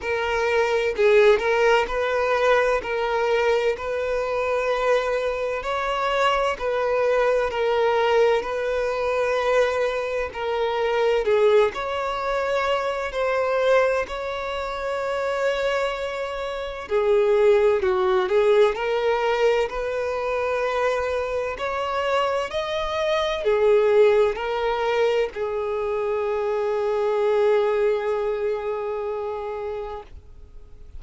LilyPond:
\new Staff \with { instrumentName = "violin" } { \time 4/4 \tempo 4 = 64 ais'4 gis'8 ais'8 b'4 ais'4 | b'2 cis''4 b'4 | ais'4 b'2 ais'4 | gis'8 cis''4. c''4 cis''4~ |
cis''2 gis'4 fis'8 gis'8 | ais'4 b'2 cis''4 | dis''4 gis'4 ais'4 gis'4~ | gis'1 | }